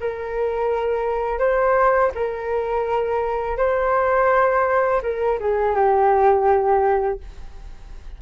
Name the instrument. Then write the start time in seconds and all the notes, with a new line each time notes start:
flute
0.00 A#4
1.38 C5
2.15 A#4
3.57 C5
5.02 A#4
5.39 G#4
5.75 G4